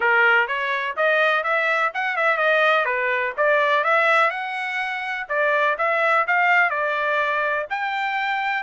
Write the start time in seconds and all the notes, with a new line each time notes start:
0.00 A#4
0.47 C#5
0.96 D#5
1.43 E5
1.94 F#5
2.16 E5
2.37 D#5
2.85 B4
3.37 D5
3.84 E5
4.30 F#5
5.28 D5
5.78 E5
6.27 F5
6.70 D5
7.70 G5